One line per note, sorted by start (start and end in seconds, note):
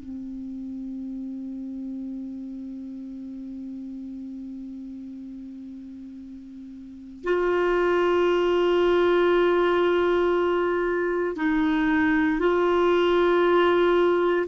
0.00 7.24 C4
7.24 11.37 F4
11.37 12.40 D#4
12.40 14.47 F4